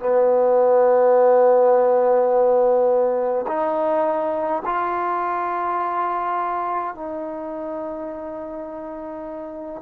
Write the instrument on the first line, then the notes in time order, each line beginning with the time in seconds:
trombone
0.00 B3
3.48 D#4
4.65 F4
6.95 D#4